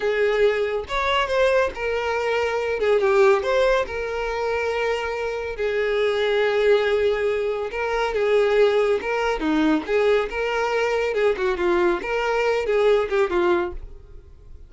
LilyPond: \new Staff \with { instrumentName = "violin" } { \time 4/4 \tempo 4 = 140 gis'2 cis''4 c''4 | ais'2~ ais'8 gis'8 g'4 | c''4 ais'2.~ | ais'4 gis'2.~ |
gis'2 ais'4 gis'4~ | gis'4 ais'4 dis'4 gis'4 | ais'2 gis'8 fis'8 f'4 | ais'4. gis'4 g'8 f'4 | }